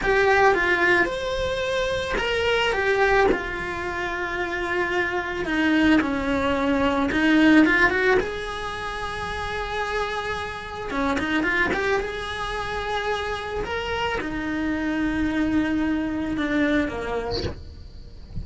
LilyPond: \new Staff \with { instrumentName = "cello" } { \time 4/4 \tempo 4 = 110 g'4 f'4 c''2 | ais'4 g'4 f'2~ | f'2 dis'4 cis'4~ | cis'4 dis'4 f'8 fis'8 gis'4~ |
gis'1 | cis'8 dis'8 f'8 g'8 gis'2~ | gis'4 ais'4 dis'2~ | dis'2 d'4 ais4 | }